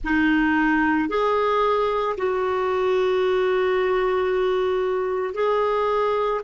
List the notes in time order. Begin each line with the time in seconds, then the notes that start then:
0.03 D#4
1.08 G#4
2.17 F#4
5.33 G#4